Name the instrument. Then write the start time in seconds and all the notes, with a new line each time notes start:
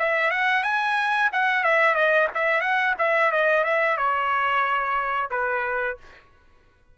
trumpet
0.00 E5
0.31 F#5
0.64 G#5
1.33 F#5
1.64 E5
1.95 D#5
2.35 E5
2.62 F#5
2.99 E5
3.32 D#5
3.65 E5
3.98 C#5
5.31 B4